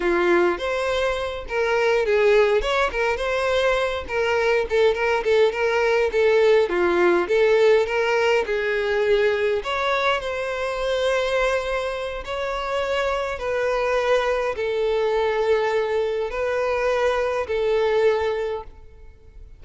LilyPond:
\new Staff \with { instrumentName = "violin" } { \time 4/4 \tempo 4 = 103 f'4 c''4. ais'4 gis'8~ | gis'8 cis''8 ais'8 c''4. ais'4 | a'8 ais'8 a'8 ais'4 a'4 f'8~ | f'8 a'4 ais'4 gis'4.~ |
gis'8 cis''4 c''2~ c''8~ | c''4 cis''2 b'4~ | b'4 a'2. | b'2 a'2 | }